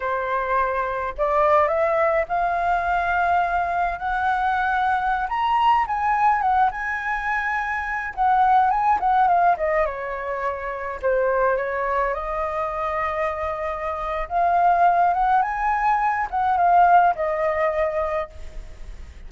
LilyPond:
\new Staff \with { instrumentName = "flute" } { \time 4/4 \tempo 4 = 105 c''2 d''4 e''4 | f''2. fis''4~ | fis''4~ fis''16 ais''4 gis''4 fis''8 gis''16~ | gis''2~ gis''16 fis''4 gis''8 fis''16~ |
fis''16 f''8 dis''8 cis''2 c''8.~ | c''16 cis''4 dis''2~ dis''8.~ | dis''4 f''4. fis''8 gis''4~ | gis''8 fis''8 f''4 dis''2 | }